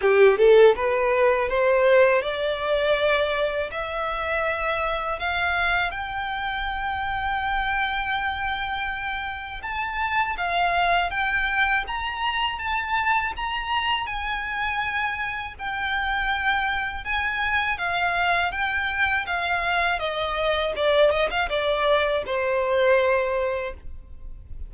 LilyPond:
\new Staff \with { instrumentName = "violin" } { \time 4/4 \tempo 4 = 81 g'8 a'8 b'4 c''4 d''4~ | d''4 e''2 f''4 | g''1~ | g''4 a''4 f''4 g''4 |
ais''4 a''4 ais''4 gis''4~ | gis''4 g''2 gis''4 | f''4 g''4 f''4 dis''4 | d''8 dis''16 f''16 d''4 c''2 | }